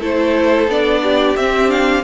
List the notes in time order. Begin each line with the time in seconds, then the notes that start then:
0.00 A3 E4 A4 C5
0.67 B3 D4 D5
1.03 G4
1.36 C4 E5
1.68 D4 F5